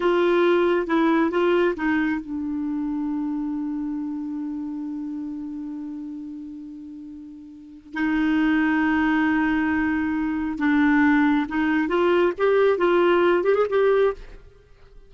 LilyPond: \new Staff \with { instrumentName = "clarinet" } { \time 4/4 \tempo 4 = 136 f'2 e'4 f'4 | dis'4 d'2.~ | d'1~ | d'1~ |
d'2 dis'2~ | dis'1 | d'2 dis'4 f'4 | g'4 f'4. g'16 gis'16 g'4 | }